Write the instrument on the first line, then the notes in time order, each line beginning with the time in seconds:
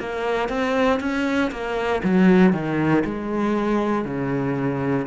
cello
0.00 A#3
0.49 C4
1.00 C#4
1.52 A#3
2.04 F#3
2.53 D#3
3.06 G#3
4.05 C#3